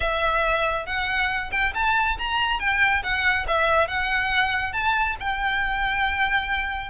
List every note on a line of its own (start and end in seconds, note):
0.00 0.86 E5
0.86 1.50 F#5
1.51 1.73 G5
1.74 2.17 A5
2.18 2.59 A#5
2.59 3.02 G5
3.03 3.46 F#5
3.47 3.87 E5
3.87 4.73 F#5
4.73 5.16 A5
5.20 6.90 G5